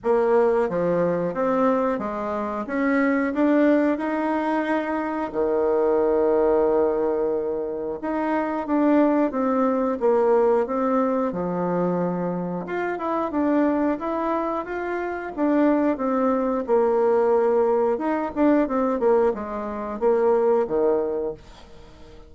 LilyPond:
\new Staff \with { instrumentName = "bassoon" } { \time 4/4 \tempo 4 = 90 ais4 f4 c'4 gis4 | cis'4 d'4 dis'2 | dis1 | dis'4 d'4 c'4 ais4 |
c'4 f2 f'8 e'8 | d'4 e'4 f'4 d'4 | c'4 ais2 dis'8 d'8 | c'8 ais8 gis4 ais4 dis4 | }